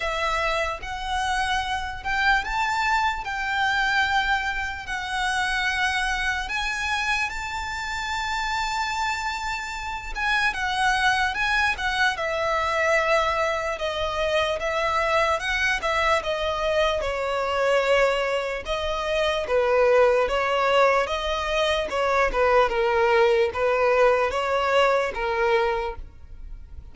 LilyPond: \new Staff \with { instrumentName = "violin" } { \time 4/4 \tempo 4 = 74 e''4 fis''4. g''8 a''4 | g''2 fis''2 | gis''4 a''2.~ | a''8 gis''8 fis''4 gis''8 fis''8 e''4~ |
e''4 dis''4 e''4 fis''8 e''8 | dis''4 cis''2 dis''4 | b'4 cis''4 dis''4 cis''8 b'8 | ais'4 b'4 cis''4 ais'4 | }